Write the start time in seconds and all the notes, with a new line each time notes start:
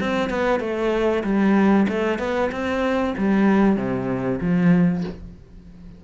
0.00 C4
0.30 B3
0.60 A3
1.23 G3
1.88 A3
2.19 B3
2.51 C4
3.17 G3
3.76 C3
4.41 F3